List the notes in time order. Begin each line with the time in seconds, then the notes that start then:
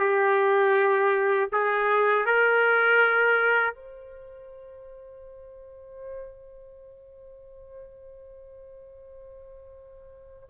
0.00 G4
1.52 G#4
2.26 A#4
3.75 C5